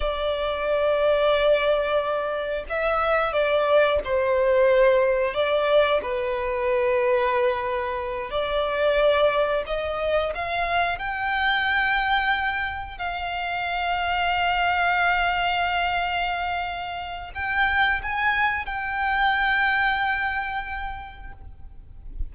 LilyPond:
\new Staff \with { instrumentName = "violin" } { \time 4/4 \tempo 4 = 90 d''1 | e''4 d''4 c''2 | d''4 b'2.~ | b'8 d''2 dis''4 f''8~ |
f''8 g''2. f''8~ | f''1~ | f''2 g''4 gis''4 | g''1 | }